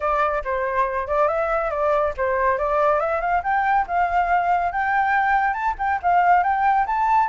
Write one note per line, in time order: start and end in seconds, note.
0.00 0.42 D5
0.44 1.07 C5
1.07 1.27 D5
1.27 1.70 E5
1.70 2.13 D5
2.17 2.58 C5
2.58 3.00 D5
3.00 3.20 E5
3.20 3.42 F5
3.43 3.86 G5
3.87 4.72 F5
4.72 5.53 G5
5.53 5.74 A5
5.78 6.00 G5
6.02 6.43 F5
6.43 6.86 G5
6.86 7.28 A5